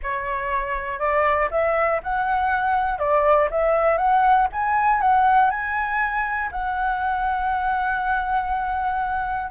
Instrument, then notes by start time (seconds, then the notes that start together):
flute
0.02 C#5
0.99 D5
1.50 E5
2.03 F#5
2.98 D5
3.50 E5
3.97 F#5
4.52 G#5
5.01 F#5
5.50 G#5
6.51 F#5